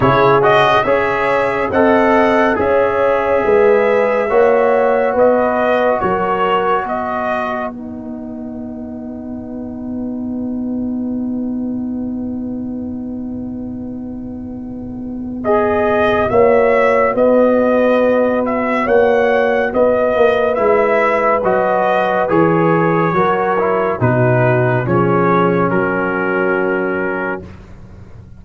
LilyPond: <<
  \new Staff \with { instrumentName = "trumpet" } { \time 4/4 \tempo 4 = 70 cis''8 dis''8 e''4 fis''4 e''4~ | e''2 dis''4 cis''4 | dis''4 fis''2.~ | fis''1~ |
fis''2 dis''4 e''4 | dis''4. e''8 fis''4 dis''4 | e''4 dis''4 cis''2 | b'4 cis''4 ais'2 | }
  \new Staff \with { instrumentName = "horn" } { \time 4/4 gis'4 cis''4 dis''4 cis''4 | b'4 cis''4 b'4 ais'4 | b'1~ | b'1~ |
b'2. cis''4 | b'2 cis''4 b'4~ | b'2. ais'4 | fis'4 gis'4 fis'2 | }
  \new Staff \with { instrumentName = "trombone" } { \time 4/4 e'8 fis'8 gis'4 a'4 gis'4~ | gis'4 fis'2.~ | fis'4 dis'2.~ | dis'1~ |
dis'2 gis'4 fis'4~ | fis'1 | e'4 fis'4 gis'4 fis'8 e'8 | dis'4 cis'2. | }
  \new Staff \with { instrumentName = "tuba" } { \time 4/4 cis4 cis'4 c'4 cis'4 | gis4 ais4 b4 fis4 | b1~ | b1~ |
b2. ais4 | b2 ais4 b8 ais8 | gis4 fis4 e4 fis4 | b,4 f4 fis2 | }
>>